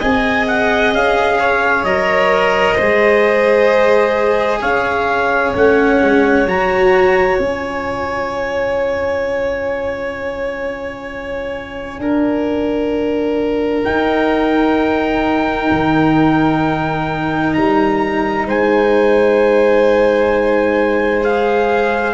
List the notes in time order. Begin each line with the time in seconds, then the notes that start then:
0.00 C4 G#4 D#5 G#5
0.48 F#5
0.94 C#4 F5
1.40 C#5
1.84 F#3 A#4 D#5
2.75 G#3 G#4 C5
4.62 C#4 C#5 F5
5.55 A3 C#4 F#5
6.02 G#3
6.46 F#3 F#4 A#5
7.39 C#4 F4 G#5
11.99 D4 A#4
13.85 D#4 G5
15.71 D#3
17.54 G3 A#5
18.47 G#3 C5 G#5
21.22 G#4 F5